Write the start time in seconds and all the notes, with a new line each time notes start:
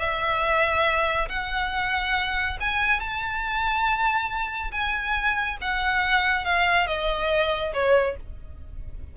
0.00 E5
1.29 F#5
2.61 G#5
3.00 A5
4.72 G#5
5.61 F#5
6.45 F5
6.87 D#5
7.74 C#5